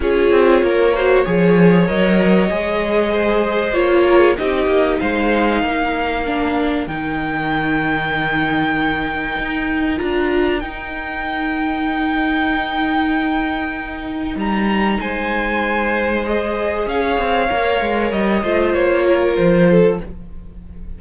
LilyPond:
<<
  \new Staff \with { instrumentName = "violin" } { \time 4/4 \tempo 4 = 96 cis''2. dis''4~ | dis''2 cis''4 dis''4 | f''2. g''4~ | g''1 |
ais''4 g''2.~ | g''2. ais''4 | gis''2 dis''4 f''4~ | f''4 dis''4 cis''4 c''4 | }
  \new Staff \with { instrumentName = "violin" } { \time 4/4 gis'4 ais'8 c''8 cis''2~ | cis''4 c''4. ais'16 gis'16 g'4 | c''4 ais'2.~ | ais'1~ |
ais'1~ | ais'1 | c''2. cis''4~ | cis''4. c''4 ais'4 a'8 | }
  \new Staff \with { instrumentName = "viola" } { \time 4/4 f'4. fis'8 gis'4 ais'4 | gis'2 f'4 dis'4~ | dis'2 d'4 dis'4~ | dis'1 |
f'4 dis'2.~ | dis'1~ | dis'2 gis'2 | ais'4. f'2~ f'8 | }
  \new Staff \with { instrumentName = "cello" } { \time 4/4 cis'8 c'8 ais4 f4 fis4 | gis2 ais4 c'8 ais8 | gis4 ais2 dis4~ | dis2. dis'4 |
d'4 dis'2.~ | dis'2. g4 | gis2. cis'8 c'8 | ais8 gis8 g8 a8 ais4 f4 | }
>>